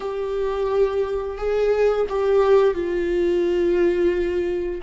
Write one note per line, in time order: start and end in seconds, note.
0.00 1.37 G4
1.37 2.06 G#4
2.09 2.74 G4
2.74 4.81 F4